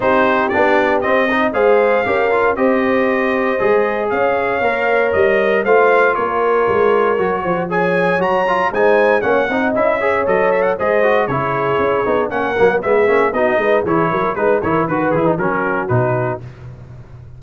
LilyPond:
<<
  \new Staff \with { instrumentName = "trumpet" } { \time 4/4 \tempo 4 = 117 c''4 d''4 dis''4 f''4~ | f''4 dis''2. | f''2 dis''4 f''4 | cis''2. gis''4 |
ais''4 gis''4 fis''4 e''4 | dis''8 e''16 fis''16 dis''4 cis''2 | fis''4 e''4 dis''4 cis''4 | b'8 cis''8 b'8 gis'8 ais'4 b'4 | }
  \new Staff \with { instrumentName = "horn" } { \time 4/4 g'2~ g'8 dis''8 c''4 | ais'4 c''2. | cis''2. c''4 | ais'2~ ais'8 c''8 cis''4~ |
cis''4 c''4 cis''8 dis''4 cis''8~ | cis''4 c''4 gis'2 | ais'4 gis'4 fis'8 b'8 gis'8 ais'8 | b'8 ais'8 b'4 fis'2 | }
  \new Staff \with { instrumentName = "trombone" } { \time 4/4 dis'4 d'4 c'8 dis'8 gis'4 | g'8 f'8 g'2 gis'4~ | gis'4 ais'2 f'4~ | f'2 fis'4 gis'4 |
fis'8 f'8 dis'4 cis'8 dis'8 e'8 gis'8 | a'4 gis'8 fis'8 e'4. dis'8 | cis'8 ais8 b8 cis'8 dis'4 e'4 | dis'8 e'8 fis'8 e'16 dis'16 cis'4 dis'4 | }
  \new Staff \with { instrumentName = "tuba" } { \time 4/4 c'4 b4 c'4 gis4 | cis'4 c'2 gis4 | cis'4 ais4 g4 a4 | ais4 gis4 fis8 f4. |
fis4 gis4 ais8 c'8 cis'4 | fis4 gis4 cis4 cis'8 b8 | ais8 fis8 gis8 ais8 b8 gis8 e8 fis8 | gis8 e8 dis8 e8 fis4 b,4 | }
>>